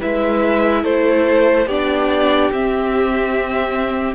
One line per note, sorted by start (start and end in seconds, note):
0.00 0.83 G#3
0.00 1.67 E4
0.00 0.83 B4
0.00 0.85 E5
0.83 1.66 A3
0.83 1.66 A4
0.83 1.68 C5
1.66 2.49 B3
1.66 2.52 D4
1.66 4.14 G4
1.66 2.51 D5
2.52 4.14 C4
2.52 4.14 E5